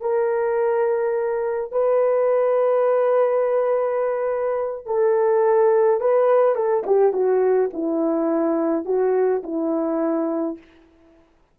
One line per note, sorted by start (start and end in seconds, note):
0.00 1.71 A#4
1.71 4.86 B4
4.86 6.00 A4
6.00 6.55 B4
6.55 6.83 A4
6.86 7.12 G4
7.12 7.70 F#4
7.73 8.85 E4
8.85 9.42 F#4
9.43 10.57 E4